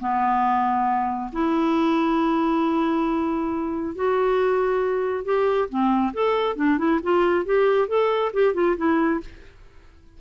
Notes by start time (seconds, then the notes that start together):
0.00 B3
1.32 E4
3.95 F#4
5.25 G4
5.69 C4
6.14 A4
6.56 D4
6.78 E4
7.03 F4
7.45 G4
7.88 A4
8.33 G4
8.54 F4
8.77 E4